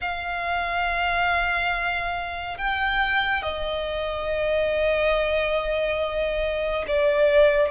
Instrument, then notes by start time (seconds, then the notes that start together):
violin
0.01 F5
2.57 G5
3.42 D#5
6.87 D5